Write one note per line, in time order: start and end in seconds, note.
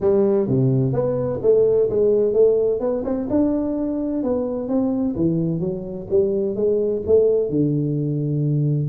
0.00 0.47 G3
0.47 0.93 C3
0.93 1.39 B3
1.42 1.89 A3
1.89 2.33 G#3
2.33 2.80 A3
2.80 3.03 B3
3.04 3.27 C4
3.29 4.23 D4
4.23 4.68 B3
4.68 5.15 C4
5.15 5.60 E3
5.60 6.07 F#3
6.10 6.55 G3
6.55 7.02 G#3
7.06 7.49 A3
7.49 8.88 D3